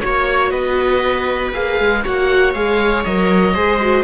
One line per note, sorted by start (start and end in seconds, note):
0.00 0.52 A#3
0.00 1.53 F#4
0.00 0.50 C#5
0.00 0.51 C#5
0.51 1.52 B3
0.51 2.02 B4
0.51 1.52 D#5
1.53 1.80 A#3
1.53 2.04 G#4
1.53 2.04 F5
1.80 2.05 G#3
2.04 2.54 A#3
2.04 2.55 F#4
2.04 3.54 C#5
2.04 2.54 F#5
2.54 3.05 G#3
2.54 3.05 G#4
2.54 3.04 F5
3.04 3.56 F#3
3.04 3.55 A#4
3.04 4.04 D#5
3.54 4.04 G#3
3.54 3.80 G#4
3.54 4.04 C5
3.80 4.04 F#4